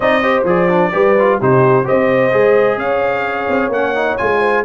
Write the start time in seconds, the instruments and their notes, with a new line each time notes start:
0.00 tuba C4, trombone D#4, horn D5, trumpet D#5
0.22 trombone G4, horn C5
0.44 tuba F3, trombone G#4, trumpet D5
0.68 trombone D4
0.92 tuba G3, trombone G4, horn B4
1.19 trombone F4
1.38 tuba C3, trombone D#4, horn G4, trumpet C5
1.84 trombone G4, horn C5, trumpet D#5
1.90 tuba C4
2.31 tuba G#3, trombone G#4
2.77 tuba C#4, horn C#5, trumpet F5
3.48 tuba C4
3.69 tuba A#3, trombone C#4, trumpet F#5
3.95 trombone D#4
4.17 tuba G#3, trombone F4, trumpet G#5
4.39 horn C5